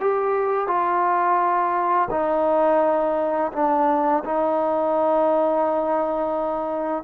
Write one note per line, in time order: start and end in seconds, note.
0.00 0.68 G4
0.68 2.09 F4
2.10 3.52 D#4
3.53 4.23 D4
4.24 7.04 D#4